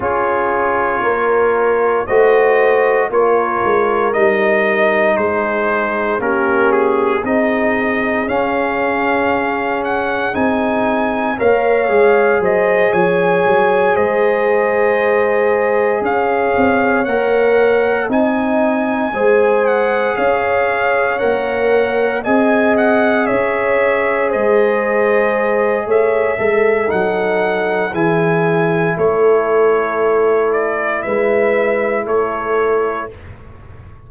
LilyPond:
<<
  \new Staff \with { instrumentName = "trumpet" } { \time 4/4 \tempo 4 = 58 cis''2 dis''4 cis''4 | dis''4 c''4 ais'8 gis'8 dis''4 | f''4. fis''8 gis''4 f''4 | dis''8 gis''4 dis''2 f''8~ |
f''8 fis''4 gis''4. fis''8 f''8~ | f''8 fis''4 gis''8 fis''8 e''4 dis''8~ | dis''4 e''4 fis''4 gis''4 | cis''4. d''8 e''4 cis''4 | }
  \new Staff \with { instrumentName = "horn" } { \time 4/4 gis'4 ais'4 c''4 ais'4~ | ais'4 gis'4 g'4 gis'4~ | gis'2. cis''4 | c''8 cis''4 c''2 cis''8~ |
cis''4. dis''4 c''4 cis''8~ | cis''4. dis''4 cis''4 c''8~ | c''4 cis''8 a'4. gis'4 | a'2 b'4 a'4 | }
  \new Staff \with { instrumentName = "trombone" } { \time 4/4 f'2 fis'4 f'4 | dis'2 cis'4 dis'4 | cis'2 dis'4 ais'8 gis'8~ | gis'1~ |
gis'8 ais'4 dis'4 gis'4.~ | gis'8 ais'4 gis'2~ gis'8~ | gis'4. a'8 dis'4 e'4~ | e'1 | }
  \new Staff \with { instrumentName = "tuba" } { \time 4/4 cis'4 ais4 a4 ais8 gis8 | g4 gis4 ais4 c'4 | cis'2 c'4 ais8 gis8 | fis8 f8 fis8 gis2 cis'8 |
c'8 ais4 c'4 gis4 cis'8~ | cis'8 ais4 c'4 cis'4 gis8~ | gis4 a8 gis8 fis4 e4 | a2 gis4 a4 | }
>>